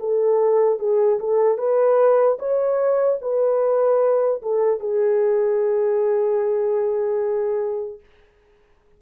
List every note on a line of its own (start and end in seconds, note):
0.00 0.79 A4
0.79 1.19 G#4
1.20 1.58 A4
1.58 2.38 B4
2.39 3.19 C#5
3.22 4.42 B4
4.42 4.80 A4
4.80 8.00 G#4